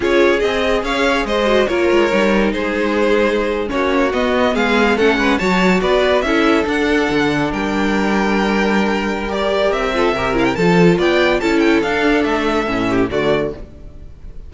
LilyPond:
<<
  \new Staff \with { instrumentName = "violin" } { \time 4/4 \tempo 4 = 142 cis''4 dis''4 f''4 dis''4 | cis''2 c''2~ | c''8. cis''4 dis''4 f''4 fis''16~ | fis''8. a''4 d''4 e''4 fis''16~ |
fis''4.~ fis''16 g''2~ g''16~ | g''2 d''4 e''4~ | e''8 f''16 g''16 a''4 g''4 a''8 g''8 | f''4 e''2 d''4 | }
  \new Staff \with { instrumentName = "violin" } { \time 4/4 gis'2 cis''4 c''4 | ais'2 gis'2~ | gis'8. fis'2 gis'4 a'16~ | a'16 b'8 cis''4 b'4 a'4~ a'16~ |
a'4.~ a'16 ais'2~ ais'16~ | ais'2.~ ais'8 a'8 | ais'4 a'4 d''4 a'4~ | a'2~ a'8 g'8 fis'4 | }
  \new Staff \with { instrumentName = "viola" } { \time 4/4 f'4 gis'2~ gis'8 fis'8 | f'4 dis'2.~ | dis'8. cis'4 b2 cis'16~ | cis'8. fis'2 e'4 d'16~ |
d'1~ | d'2 g'4. f'8 | g'8 e'8 f'2 e'4 | d'2 cis'4 a4 | }
  \new Staff \with { instrumentName = "cello" } { \time 4/4 cis'4 c'4 cis'4 gis4 | ais8 gis8 g4 gis2~ | gis8. ais4 b4 gis4 a16~ | a16 gis8 fis4 b4 cis'4 d'16~ |
d'8. d4 g2~ g16~ | g2. c'4 | c4 f4 b4 cis'4 | d'4 a4 a,4 d4 | }
>>